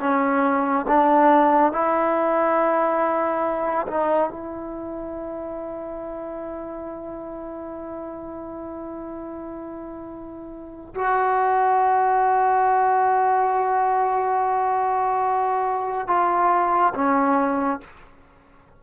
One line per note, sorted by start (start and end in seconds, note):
0.00 0.86 C#4
0.88 1.73 D4
1.73 3.87 E4
3.88 4.31 D#4
4.31 10.95 E4
10.95 16.08 F#4
16.08 16.94 F4
16.95 17.81 C#4